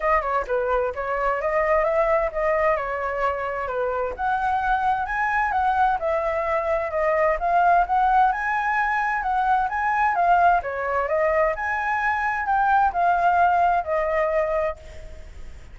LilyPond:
\new Staff \with { instrumentName = "flute" } { \time 4/4 \tempo 4 = 130 dis''8 cis''8 b'4 cis''4 dis''4 | e''4 dis''4 cis''2 | b'4 fis''2 gis''4 | fis''4 e''2 dis''4 |
f''4 fis''4 gis''2 | fis''4 gis''4 f''4 cis''4 | dis''4 gis''2 g''4 | f''2 dis''2 | }